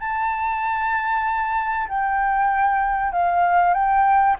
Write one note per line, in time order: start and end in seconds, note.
0.00 1.88 A5
1.88 3.12 G5
3.12 3.74 F5
3.74 4.36 G5